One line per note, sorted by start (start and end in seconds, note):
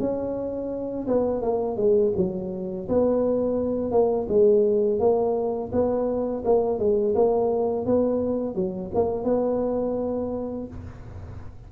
0.00 1.07 C#4
1.07 1.42 B3
1.42 1.77 A#3
1.77 2.12 G#3
2.17 2.88 F#3
2.89 3.91 B3
3.91 4.27 A#3
4.29 4.99 G#3
4.99 5.71 A#3
5.72 6.44 B3
6.45 6.79 A#3
6.79 7.15 G#3
7.15 7.86 A#3
7.86 8.55 B3
8.55 8.91 F#3
8.94 9.24 A#3
9.24 10.67 B3